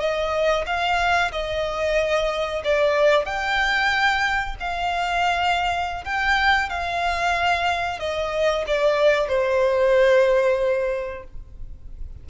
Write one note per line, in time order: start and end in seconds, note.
0.00 0.65 D#5
0.66 1.32 F5
1.32 2.62 D#5
2.64 3.26 D5
3.26 4.56 G5
4.60 6.05 F5
6.05 6.69 G5
6.69 8.00 F5
8.00 8.65 D#5
8.67 9.28 D5
9.28 11.24 C5